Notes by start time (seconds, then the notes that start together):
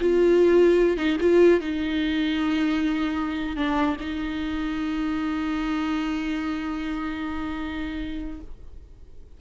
0.00 F4
0.97 D#4
1.20 F4
1.60 D#4
3.56 D4
4.00 D#4